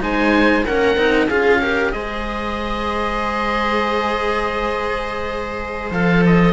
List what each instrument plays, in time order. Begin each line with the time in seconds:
0.00 cello G#3 D#4, viola C5, oboe G#5
0.66 cello A#3 C#4, viola A#4, oboe F#5
0.96 cello C4 D#4
1.28 cello C#4 F4, viola G#4, oboe F5
1.62 cello G4, viola A#4
1.93 cello G#3 G#4, viola C5, oboe D#5
5.92 cello F3 A4, oboe F5
6.26 oboe D#5